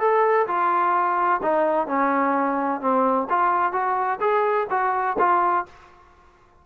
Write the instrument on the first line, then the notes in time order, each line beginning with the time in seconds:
trombone
0.00 A4
0.47 F4
1.43 D#4
1.87 C#4
2.81 C4
3.30 F4
3.72 F#4
4.20 G#4
4.70 F#4
5.19 F4